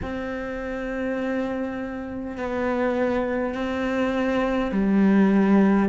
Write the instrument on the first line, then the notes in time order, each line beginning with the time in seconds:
cello
0.02 C4
2.37 B3
3.54 C4
4.71 G3